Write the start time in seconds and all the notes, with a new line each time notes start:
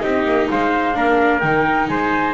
0.00 C4 D#4 G4 D#5
0.24 A#3
0.49 G#3 C5 F5
0.93 A#3 D4 A#4
1.40 D#3 D#4 G5
1.87 G#3 C5 G#5